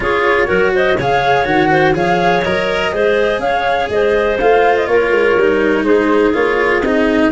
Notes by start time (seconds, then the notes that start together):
0.00 C#4 F4 G#4 C#5
0.47 F#3 F#4 A#4
0.74 C5 D#5
0.97 C#3 G#4 C#5 F5
1.44 D#3 F#4 F#5
1.71 C5
1.93 F3 G#4 C#5 F5
2.42 F#3 A#4 D#5
2.92 G#3 G#4 C5
3.38 C#4 C#5 F5
3.89 G#3 C5 D#5
4.39 A3 F4 F5
4.76 D#5
4.87 A#3 A#4 C#5
5.10 G#3
5.36 G3 D#4
5.82 G#3 G#4 C5
6.33 A#3 F4 C#5
6.81 C4 D#4 D#5